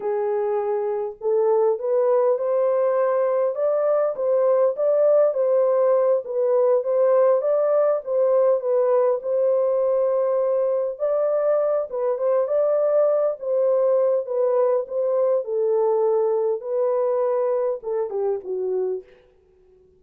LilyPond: \new Staff \with { instrumentName = "horn" } { \time 4/4 \tempo 4 = 101 gis'2 a'4 b'4 | c''2 d''4 c''4 | d''4 c''4. b'4 c''8~ | c''8 d''4 c''4 b'4 c''8~ |
c''2~ c''8 d''4. | b'8 c''8 d''4. c''4. | b'4 c''4 a'2 | b'2 a'8 g'8 fis'4 | }